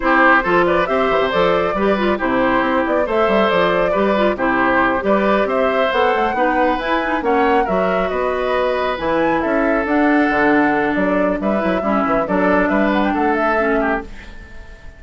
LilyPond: <<
  \new Staff \with { instrumentName = "flute" } { \time 4/4 \tempo 4 = 137 c''4. d''8 e''4 d''4~ | d''4 c''4. d''8 e''4 | d''2 c''4. d''8~ | d''8 e''4 fis''2 gis''8~ |
gis''8 fis''4 e''4 dis''4.~ | dis''8 gis''4 e''4 fis''4.~ | fis''4 d''4 e''2 | d''4 e''8 fis''16 g''16 fis''8 e''4. | }
  \new Staff \with { instrumentName = "oboe" } { \time 4/4 g'4 a'8 b'8 c''2 | b'4 g'2 c''4~ | c''4 b'4 g'4. b'8~ | b'8 c''2 b'4.~ |
b'8 cis''4 ais'4 b'4.~ | b'4. a'2~ a'8~ | a'2 b'4 e'4 | a'4 b'4 a'4. g'8 | }
  \new Staff \with { instrumentName = "clarinet" } { \time 4/4 e'4 f'4 g'4 a'4 | g'8 f'8 e'2 a'4~ | a'4 g'8 f'8 e'4. g'8~ | g'4. a'4 dis'4 e'8 |
dis'8 cis'4 fis'2~ fis'8~ | fis'8 e'2 d'4.~ | d'2~ d'8 e'8 cis'4 | d'2. cis'4 | }
  \new Staff \with { instrumentName = "bassoon" } { \time 4/4 c'4 f4 c'8 e16 c16 f4 | g4 c4 c'8 b8 a8 g8 | f4 g4 c4. g8~ | g8 c'4 b8 a8 b4 e'8~ |
e'8 ais4 fis4 b4.~ | b8 e4 cis'4 d'4 d8~ | d4 fis4 g8 fis8 g8 e8 | fis4 g4 a2 | }
>>